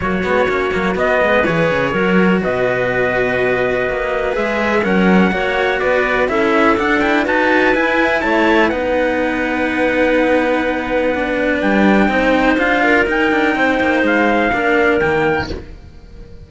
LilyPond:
<<
  \new Staff \with { instrumentName = "trumpet" } { \time 4/4 \tempo 4 = 124 cis''2 dis''4 cis''4~ | cis''4 dis''2.~ | dis''4 e''4 fis''2 | d''4 e''4 fis''8 g''8 a''4 |
gis''4 a''4 fis''2~ | fis''1 | g''2 f''4 g''4~ | g''4 f''2 g''4 | }
  \new Staff \with { instrumentName = "clarinet" } { \time 4/4 fis'2~ fis'8 b'4. | ais'4 b'2.~ | b'2 ais'4 cis''4 | b'4 a'2 b'4~ |
b'4 cis''4 b'2~ | b'1~ | b'4 c''4. ais'4. | c''2 ais'2 | }
  \new Staff \with { instrumentName = "cello" } { \time 4/4 ais8 b8 cis'8 ais8 b4 gis'4 | fis'1~ | fis'4 gis'4 cis'4 fis'4~ | fis'4 e'4 d'8 e'8 fis'4 |
e'2 dis'2~ | dis'2. d'4~ | d'4 dis'4 f'4 dis'4~ | dis'2 d'4 ais4 | }
  \new Staff \with { instrumentName = "cello" } { \time 4/4 fis8 gis8 ais8 fis8 b8 gis8 e8 cis8 | fis4 b,2. | ais4 gis4 fis4 ais4 | b4 cis'4 d'4 dis'4 |
e'4 a4 b2~ | b1 | g4 c'4 d'4 dis'8 d'8 | c'8 ais8 gis4 ais4 dis4 | }
>>